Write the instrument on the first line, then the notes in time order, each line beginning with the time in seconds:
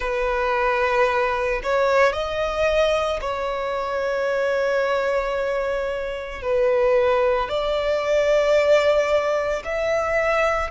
violin
0.00 B4
1.63 C#5
2.12 D#5
3.20 C#5
6.42 B4
7.48 D5
9.64 E5